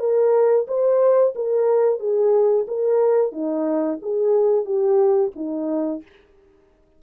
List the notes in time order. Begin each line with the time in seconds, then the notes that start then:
0.00 A#4
0.68 C5
1.35 A#4
2.00 G#4
2.68 A#4
3.32 D#4
4.02 G#4
4.65 G4
5.36 D#4